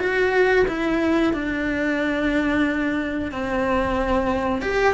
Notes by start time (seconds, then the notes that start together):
0.00 F#4
0.68 E4
1.34 D4
3.31 C4
4.62 G4